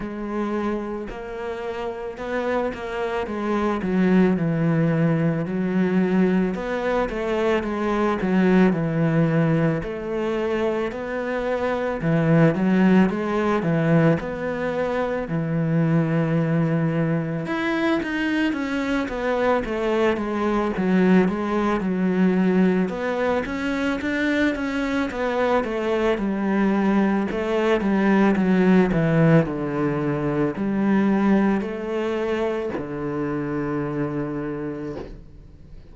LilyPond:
\new Staff \with { instrumentName = "cello" } { \time 4/4 \tempo 4 = 55 gis4 ais4 b8 ais8 gis8 fis8 | e4 fis4 b8 a8 gis8 fis8 | e4 a4 b4 e8 fis8 | gis8 e8 b4 e2 |
e'8 dis'8 cis'8 b8 a8 gis8 fis8 gis8 | fis4 b8 cis'8 d'8 cis'8 b8 a8 | g4 a8 g8 fis8 e8 d4 | g4 a4 d2 | }